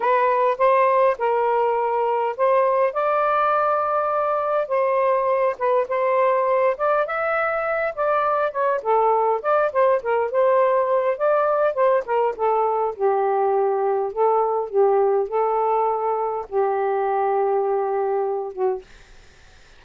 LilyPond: \new Staff \with { instrumentName = "saxophone" } { \time 4/4 \tempo 4 = 102 b'4 c''4 ais'2 | c''4 d''2. | c''4. b'8 c''4. d''8 | e''4. d''4 cis''8 a'4 |
d''8 c''8 ais'8 c''4. d''4 | c''8 ais'8 a'4 g'2 | a'4 g'4 a'2 | g'2.~ g'8 fis'8 | }